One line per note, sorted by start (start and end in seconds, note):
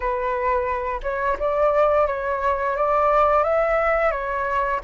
0.00 1.01 B4
1.03 1.37 C#5
1.39 2.07 D5
2.07 2.76 C#5
2.76 3.43 D5
3.43 4.11 E5
4.11 4.80 C#5